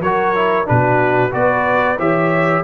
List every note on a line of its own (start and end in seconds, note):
0.00 0.65 F#3
0.00 0.35 F#4
0.00 0.67 A#4
0.00 0.67 C#5
0.35 0.65 E4
0.65 1.33 B2
0.65 1.30 D4
0.65 1.33 F#4
0.65 1.33 B4
1.31 1.98 B3
1.31 1.96 F#4
1.31 1.98 B4
1.31 1.98 D5
1.98 2.64 E3
1.98 2.63 G4
1.98 2.64 C#5
1.98 2.64 E5